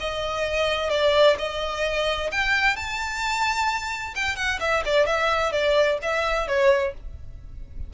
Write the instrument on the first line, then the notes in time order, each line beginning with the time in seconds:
violin
0.00 D#5
0.90 D5
1.38 D#5
2.32 G5
2.76 A5
4.15 G5
4.36 F#5
4.60 E5
4.85 D5
5.06 E5
5.52 D5
6.02 E5
6.47 C#5